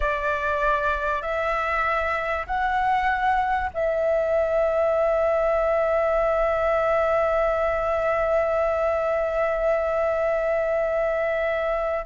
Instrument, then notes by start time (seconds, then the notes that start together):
flute
0.00 D5
1.22 E5
2.46 F#5
3.73 E5